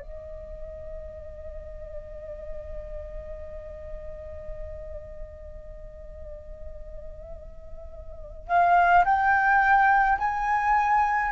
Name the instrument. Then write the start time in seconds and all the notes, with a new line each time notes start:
flute
0.00 D#5
8.48 F5
9.05 G5
10.18 G#5